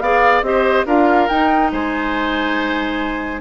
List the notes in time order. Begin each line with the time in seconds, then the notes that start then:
0.00 B3 G#4 D5 F5
0.42 C4 G4 C5 D#5
0.86 D4 F4 A#4 F5
1.28 D#4 G5
1.72 G#3 C5 G#5